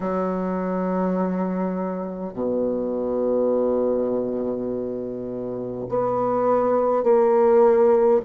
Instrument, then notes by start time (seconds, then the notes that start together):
bassoon
0.00 F#3
2.33 B2
5.88 B3
7.03 A#3